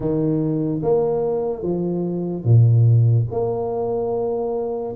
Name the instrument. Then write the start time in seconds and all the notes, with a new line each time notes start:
tuba
0.00 D#3
0.82 A#3
1.62 F3
2.44 A#2
3.31 A#3